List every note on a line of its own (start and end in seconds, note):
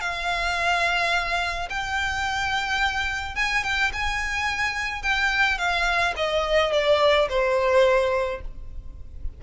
0.00 1.68 F5
1.69 3.35 G5
3.35 3.63 G#5
3.63 3.91 G5
3.92 5.02 G#5
5.02 5.58 G5
5.58 6.14 F5
6.16 6.72 D#5
6.72 7.28 D5
7.29 8.41 C5